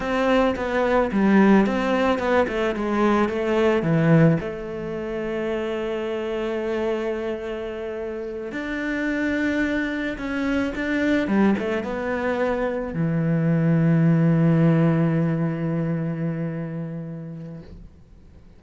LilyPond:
\new Staff \with { instrumentName = "cello" } { \time 4/4 \tempo 4 = 109 c'4 b4 g4 c'4 | b8 a8 gis4 a4 e4 | a1~ | a2.~ a8 d'8~ |
d'2~ d'8 cis'4 d'8~ | d'8 g8 a8 b2 e8~ | e1~ | e1 | }